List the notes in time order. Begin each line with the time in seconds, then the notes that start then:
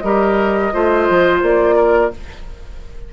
0.00 G3 G4 A#4 D#5
0.73 A3 F4 C5
1.09 F3
1.42 A#3 D5
1.76 A#4